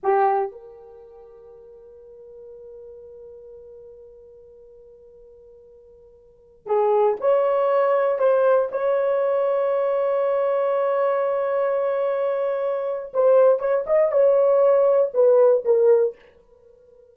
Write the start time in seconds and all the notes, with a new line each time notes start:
0.03 G4
0.51 A#4
6.66 G#4
7.20 C#5
8.18 C5
8.71 C#5
13.13 C5
13.59 C#5
13.86 D#5
14.11 C#5
15.14 B4
15.64 A#4